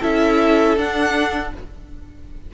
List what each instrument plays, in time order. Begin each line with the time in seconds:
0.00 cello C#4, viola E4, violin A4 E5
0.77 cello D4, viola D4, violin F#5